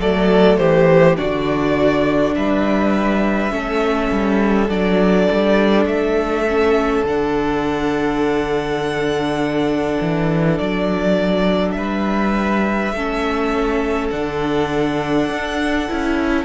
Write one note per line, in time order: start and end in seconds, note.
0.00 0.59 F#3
0.00 1.17 A3
0.00 0.60 A4
0.00 0.58 D5
0.58 1.18 E3
0.58 1.18 G4
0.58 1.16 C5
1.17 2.36 D3
1.17 3.50 D4
1.17 2.36 F#4
1.17 2.35 D5
2.36 3.52 G3
2.36 3.54 B4
2.36 4.70 E5
3.50 4.11 A3
3.50 4.68 C#4
3.50 11.77 A4
4.12 4.69 G3
4.69 5.28 F#3
4.69 6.47 D4
4.69 5.87 D5
5.32 5.86 G3
5.86 7.03 A3
5.86 7.04 E5
6.48 7.06 C#4
7.04 9.98 D3
7.04 12.96 D4
7.04 10.58 F#5
10.01 10.60 E3
10.58 11.76 F#3
10.58 11.72 D5
11.72 12.93 G3
11.72 12.95 B4
11.72 14.08 E5
12.93 14.11 A3
12.93 14.12 C#4
12.93 16.45 A4
14.11 15.30 D3
14.11 15.88 D4
14.11 16.45 F#5
15.30 15.88 D4
15.89 16.45 C#4
15.89 16.45 E4